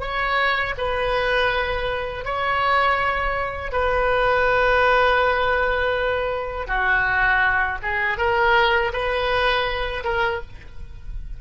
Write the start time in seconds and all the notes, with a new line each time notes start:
0.00 C#5
0.77 B4
2.25 C#5
3.72 B4
6.67 F#4
7.82 G#4
8.18 A#4
8.92 B4
10.03 A#4